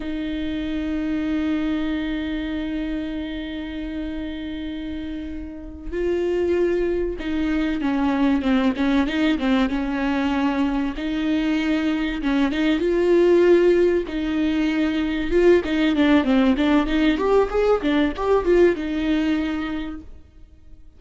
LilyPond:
\new Staff \with { instrumentName = "viola" } { \time 4/4 \tempo 4 = 96 dis'1~ | dis'1~ | dis'4. f'2 dis'8~ | dis'8 cis'4 c'8 cis'8 dis'8 c'8 cis'8~ |
cis'4. dis'2 cis'8 | dis'8 f'2 dis'4.~ | dis'8 f'8 dis'8 d'8 c'8 d'8 dis'8 g'8 | gis'8 d'8 g'8 f'8 dis'2 | }